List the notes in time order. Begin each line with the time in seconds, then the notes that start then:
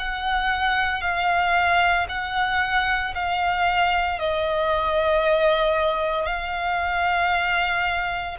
0.00 F#5
1.02 F5
2.09 F#5
3.15 F5
4.20 D#5
6.26 F5